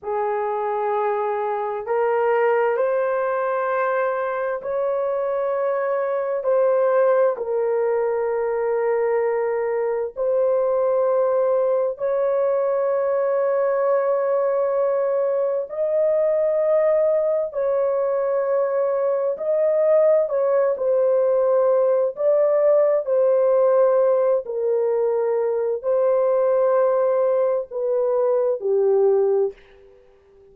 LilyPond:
\new Staff \with { instrumentName = "horn" } { \time 4/4 \tempo 4 = 65 gis'2 ais'4 c''4~ | c''4 cis''2 c''4 | ais'2. c''4~ | c''4 cis''2.~ |
cis''4 dis''2 cis''4~ | cis''4 dis''4 cis''8 c''4. | d''4 c''4. ais'4. | c''2 b'4 g'4 | }